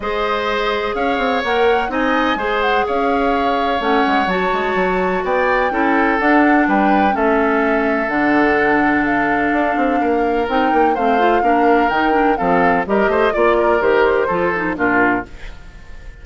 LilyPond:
<<
  \new Staff \with { instrumentName = "flute" } { \time 4/4 \tempo 4 = 126 dis''2 f''4 fis''4 | gis''4. fis''8 f''2 | fis''4 a''2 g''4~ | g''4 fis''4 g''4 e''4~ |
e''4 fis''2 f''4~ | f''2 g''4 f''4~ | f''4 g''4 f''4 dis''4 | d''4 c''2 ais'4 | }
  \new Staff \with { instrumentName = "oboe" } { \time 4/4 c''2 cis''2 | dis''4 c''4 cis''2~ | cis''2. d''4 | a'2 b'4 a'4~ |
a'1~ | a'4 ais'2 c''4 | ais'2 a'4 ais'8 c''8 | d''8 ais'4. a'4 f'4 | }
  \new Staff \with { instrumentName = "clarinet" } { \time 4/4 gis'2. ais'4 | dis'4 gis'2. | cis'4 fis'2. | e'4 d'2 cis'4~ |
cis'4 d'2.~ | d'2 dis'4 c'8 f'8 | d'4 dis'8 d'8 c'4 g'4 | f'4 g'4 f'8 dis'8 d'4 | }
  \new Staff \with { instrumentName = "bassoon" } { \time 4/4 gis2 cis'8 c'8 ais4 | c'4 gis4 cis'2 | a8 gis8 fis8 gis8 fis4 b4 | cis'4 d'4 g4 a4~ |
a4 d2. | d'8 c'8 ais4 c'8 ais8 a4 | ais4 dis4 f4 g8 a8 | ais4 dis4 f4 ais,4 | }
>>